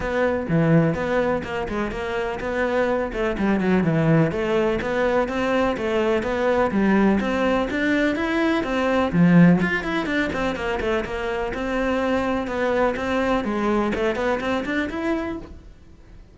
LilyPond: \new Staff \with { instrumentName = "cello" } { \time 4/4 \tempo 4 = 125 b4 e4 b4 ais8 gis8 | ais4 b4. a8 g8 fis8 | e4 a4 b4 c'4 | a4 b4 g4 c'4 |
d'4 e'4 c'4 f4 | f'8 e'8 d'8 c'8 ais8 a8 ais4 | c'2 b4 c'4 | gis4 a8 b8 c'8 d'8 e'4 | }